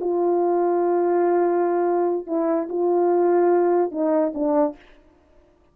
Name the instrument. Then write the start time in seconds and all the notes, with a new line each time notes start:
horn
0.00 F4
2.27 E4
2.69 F4
3.91 D#4
4.34 D4